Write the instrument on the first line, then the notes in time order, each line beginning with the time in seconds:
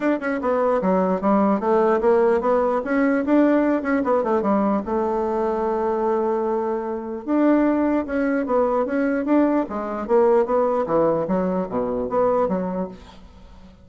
bassoon
0.00 D4
0.20 C#4
0.41 B3
0.81 F#3
1.21 G3
1.60 A3
2.01 A#3
2.40 B3
2.84 C#4
3.25 D4
3.82 C#4
4.04 B3
4.23 A3
4.41 G3
4.85 A3
7.25 D4
8.06 C#4
8.46 B3
8.85 C#4
9.25 D4
9.69 G#3
10.07 A#3
10.45 B3
10.86 E3
11.27 F#3
11.69 B2
12.09 B3
12.48 F#3